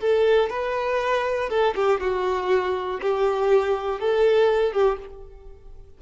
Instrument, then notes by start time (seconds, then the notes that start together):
violin
0.00 A4
0.49 B4
1.49 A4
1.75 G4
2.00 F#4
3.01 G4
4.00 A4
4.72 G4